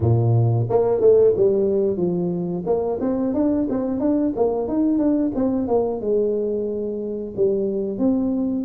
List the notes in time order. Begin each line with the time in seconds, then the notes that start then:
0.00 A#2
0.69 A#3
1.00 A3
1.36 G3
1.97 F3
2.65 A#3
3.00 C4
3.34 D4
3.69 C4
4.00 D4
4.35 A#3
4.68 D#4
4.98 D4
5.35 C4
5.67 A#3
6.00 G#3
7.36 G3
7.98 C4